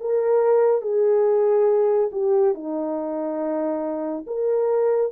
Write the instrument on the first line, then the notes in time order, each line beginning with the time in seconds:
horn
0.00 A#4
0.81 G#4
2.12 G4
2.54 D#4
4.26 A#4